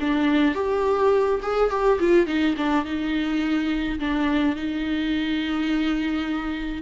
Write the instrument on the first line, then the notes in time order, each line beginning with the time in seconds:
viola
0.00 D4
0.55 G4
1.42 G#4
1.70 G4
1.99 F4
2.26 D#4
2.57 D4
2.85 D#4
3.99 D4
4.56 D#4